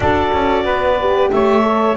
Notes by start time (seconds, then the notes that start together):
0.00 D4 F#4 A4 D5
0.32 C#4
0.63 B3 B4
0.99 G4
1.30 A3 C#5 E5
1.62 A4